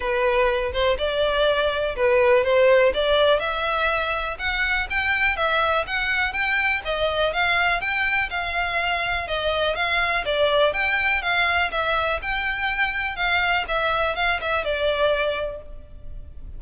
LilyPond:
\new Staff \with { instrumentName = "violin" } { \time 4/4 \tempo 4 = 123 b'4. c''8 d''2 | b'4 c''4 d''4 e''4~ | e''4 fis''4 g''4 e''4 | fis''4 g''4 dis''4 f''4 |
g''4 f''2 dis''4 | f''4 d''4 g''4 f''4 | e''4 g''2 f''4 | e''4 f''8 e''8 d''2 | }